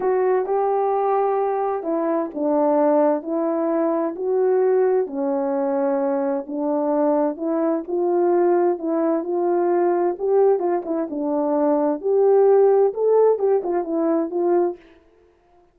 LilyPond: \new Staff \with { instrumentName = "horn" } { \time 4/4 \tempo 4 = 130 fis'4 g'2. | e'4 d'2 e'4~ | e'4 fis'2 cis'4~ | cis'2 d'2 |
e'4 f'2 e'4 | f'2 g'4 f'8 e'8 | d'2 g'2 | a'4 g'8 f'8 e'4 f'4 | }